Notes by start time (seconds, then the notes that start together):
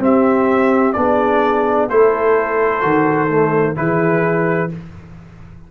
0.00 C4 G4 E5
0.93 B3 D4 G#4 D5
1.89 A3 E4 A4 C5
2.81 D#3 F#4
3.29 A3
3.76 E3 E4 G#4 B4